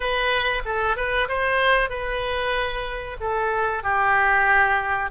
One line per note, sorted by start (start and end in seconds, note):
0.00 0.62 B4
0.65 0.96 A4
0.96 1.28 B4
1.28 1.89 C5
1.89 3.17 B4
3.20 3.83 A4
3.83 5.10 G4